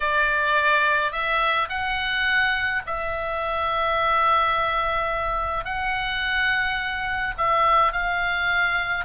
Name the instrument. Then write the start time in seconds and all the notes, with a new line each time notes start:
oboe
0.00 D5
1.11 E5
1.69 F#5
2.86 E5
5.64 F#5
7.37 E5
7.92 F5